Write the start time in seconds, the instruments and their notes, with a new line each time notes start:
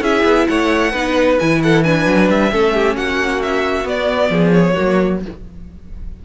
0.00 cello C#4, viola E4, violin G#4 E5
0.24 cello B3
0.47 cello A3, violin C#5 F#5
0.91 cello B3, viola D#4, violin B4
1.39 cello E3, viola E4, violin G#5
1.63 violin A4 F#5
1.83 viola D4, violin B4 G#5
2.06 cello F#3
2.29 cello G3, violin E5
2.51 cello A3, viola C#4, violin A4
2.74 violin G4
2.96 cello A#3, violin F#4 F#5
3.42 violin E5
3.84 viola B3, cello B3, violin D5
4.29 cello F3, violin G#4
4.52 violin C#5
4.73 viola A#3, violin F#4
4.80 cello F#3